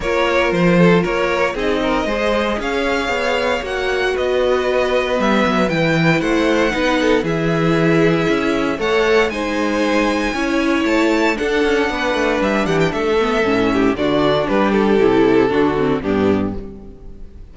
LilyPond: <<
  \new Staff \with { instrumentName = "violin" } { \time 4/4 \tempo 4 = 116 cis''4 c''4 cis''4 dis''4~ | dis''4 f''2 fis''4 | dis''2 e''4 g''4 | fis''2 e''2~ |
e''4 fis''4 gis''2~ | gis''4 a''4 fis''2 | e''8 fis''16 g''16 e''2 d''4 | b'8 a'2~ a'8 g'4 | }
  \new Staff \with { instrumentName = "violin" } { \time 4/4 ais'4. a'8 ais'4 gis'8 ais'8 | c''4 cis''2. | b'1 | c''4 b'8 a'8 gis'2~ |
gis'4 cis''4 c''2 | cis''2 a'4 b'4~ | b'8 g'8 a'4. g'8 fis'4 | g'2 fis'4 d'4 | }
  \new Staff \with { instrumentName = "viola" } { \time 4/4 f'2. dis'4 | gis'2. fis'4~ | fis'2 b4 e'4~ | e'4 dis'4 e'2~ |
e'4 a'4 dis'2 | e'2 d'2~ | d'4. b8 cis'4 d'4~ | d'4 e'4 d'8 c'8 b4 | }
  \new Staff \with { instrumentName = "cello" } { \time 4/4 ais4 f4 ais4 c'4 | gis4 cis'4 b4 ais4 | b2 g8 fis8 e4 | a4 b4 e2 |
cis'4 a4 gis2 | cis'4 a4 d'8 cis'8 b8 a8 | g8 e8 a4 a,4 d4 | g4 c4 d4 g,4 | }
>>